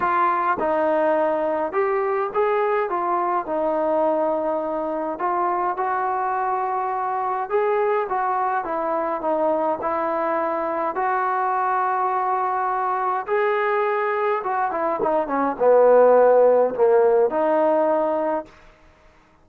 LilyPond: \new Staff \with { instrumentName = "trombone" } { \time 4/4 \tempo 4 = 104 f'4 dis'2 g'4 | gis'4 f'4 dis'2~ | dis'4 f'4 fis'2~ | fis'4 gis'4 fis'4 e'4 |
dis'4 e'2 fis'4~ | fis'2. gis'4~ | gis'4 fis'8 e'8 dis'8 cis'8 b4~ | b4 ais4 dis'2 | }